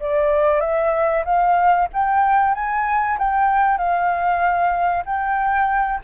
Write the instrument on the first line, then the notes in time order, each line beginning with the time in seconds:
flute
0.00 D5
0.61 E5
1.25 F5
1.93 G5
2.54 G#5
3.18 G5
3.78 F5
5.06 G5